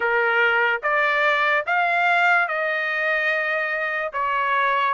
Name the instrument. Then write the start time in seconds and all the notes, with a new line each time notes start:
trumpet
0.00 A#4
0.83 D5
1.66 F5
2.48 D#5
4.12 C#5